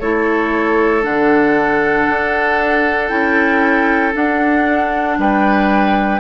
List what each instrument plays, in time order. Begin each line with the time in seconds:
0.00 bassoon A3, clarinet E4, oboe A4, flute C#5
1.02 bassoon D3, clarinet D4, flute F#5
2.09 bassoon D4
3.09 bassoon C#4, clarinet E4, flute G5
4.13 clarinet D4, bassoon D4, flute F#5
5.19 bassoon G3, oboe B4, flute G5